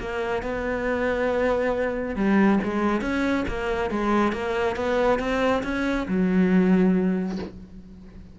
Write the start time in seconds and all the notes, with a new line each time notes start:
0.00 A#3
0.43 B3
2.16 G3
2.64 G#3
3.01 C#4
3.48 A#3
3.90 G#3
4.32 A#3
4.76 B3
5.19 C4
5.63 C#4
6.08 F#3